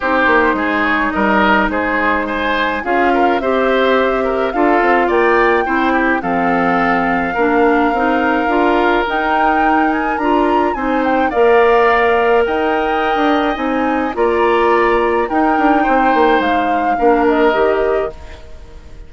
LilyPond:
<<
  \new Staff \with { instrumentName = "flute" } { \time 4/4 \tempo 4 = 106 c''4. cis''8 dis''4 c''4 | gis''4 f''4 e''2 | f''4 g''2 f''4~ | f''1 |
g''4. gis''8 ais''4 gis''8 g''8 | f''2 g''2 | gis''4 ais''2 g''4~ | g''4 f''4. dis''4. | }
  \new Staff \with { instrumentName = "oboe" } { \time 4/4 g'4 gis'4 ais'4 gis'4 | c''4 gis'8 ais'8 c''4. ais'8 | a'4 d''4 c''8 g'8 a'4~ | a'4 ais'2.~ |
ais'2. c''4 | d''2 dis''2~ | dis''4 d''2 ais'4 | c''2 ais'2 | }
  \new Staff \with { instrumentName = "clarinet" } { \time 4/4 dis'1~ | dis'4 f'4 g'2 | f'2 e'4 c'4~ | c'4 d'4 dis'4 f'4 |
dis'2 f'4 dis'4 | ais'1 | dis'4 f'2 dis'4~ | dis'2 d'4 g'4 | }
  \new Staff \with { instrumentName = "bassoon" } { \time 4/4 c'8 ais8 gis4 g4 gis4~ | gis4 cis'4 c'2 | d'8 c'8 ais4 c'4 f4~ | f4 ais4 c'4 d'4 |
dis'2 d'4 c'4 | ais2 dis'4~ dis'16 d'8. | c'4 ais2 dis'8 d'8 | c'8 ais8 gis4 ais4 dis4 | }
>>